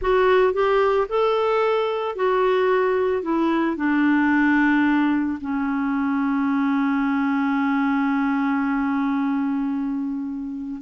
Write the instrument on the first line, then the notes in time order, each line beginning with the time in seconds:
clarinet
0.01 F#4
0.53 G4
1.08 A4
2.15 F#4
3.22 E4
3.76 D4
5.40 C#4